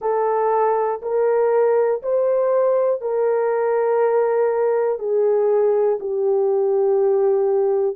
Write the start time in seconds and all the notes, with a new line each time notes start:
0.01 A4
1.01 A#4
2.02 C5
3.01 A#4
4.99 G#4
6.00 G4